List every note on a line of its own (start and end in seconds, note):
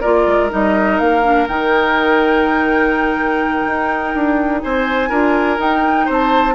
0.00 0.26 A#3
0.00 0.49 F4
0.00 4.60 A#4
0.00 0.49 D5
0.26 0.50 G#3
0.49 1.00 G3
0.49 1.22 D#4
0.49 0.98 D#5
0.98 1.48 A#3
0.98 1.47 F5
1.23 1.47 D4
1.47 3.66 D#3
1.47 5.11 D#4
1.47 4.62 G5
3.66 4.14 D#4
4.14 4.62 D4
4.62 5.10 C4
4.62 5.09 C5
4.62 5.59 G#5
5.09 5.58 D4
5.09 5.57 F4
5.09 6.05 A#4
5.57 6.53 D#4
5.57 6.06 D#4
5.57 6.09 G5
6.05 6.55 C4
6.05 6.54 C5
6.12 6.55 A5